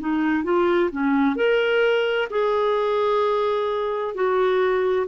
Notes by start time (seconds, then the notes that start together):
0.00 D#4
0.44 F4
0.91 C#4
1.36 A#4
2.30 G#4
4.15 F#4